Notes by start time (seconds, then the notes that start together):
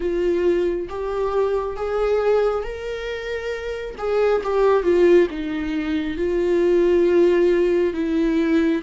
0.00 F4
0.89 G4
1.76 G#4
2.63 A#4
3.97 G#4
4.43 G4
4.83 F4
5.30 D#4
6.17 F4
7.93 E4